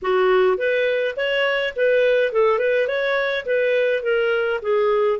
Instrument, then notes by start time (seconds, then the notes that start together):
clarinet
0.02 F#4
0.57 B4
1.16 C#5
1.76 B4
2.32 A4
2.59 B4
2.87 C#5
3.45 B4
4.02 A#4
4.62 G#4